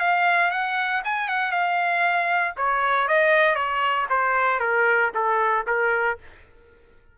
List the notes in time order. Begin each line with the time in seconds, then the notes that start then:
0.00 F5
0.51 F#5
1.05 G#5
1.29 F#5
1.52 F5
2.57 C#5
3.08 D#5
3.56 C#5
4.10 C5
4.60 A#4
5.15 A4
5.67 A#4